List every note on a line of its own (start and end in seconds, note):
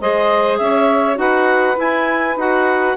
0.00 0.59 G#3
0.00 1.15 G#4
0.00 0.60 C5
0.00 0.57 D#5
0.57 1.17 C#4
0.57 1.19 C#5
0.57 1.17 E5
1.15 1.76 D#4
1.15 1.74 F#4
1.15 2.96 B4
1.15 1.78 F#5
1.76 2.35 E4
1.76 2.36 E4
1.76 2.38 G#5
2.36 2.95 D#4
2.36 2.96 F#4
2.36 2.96 F#5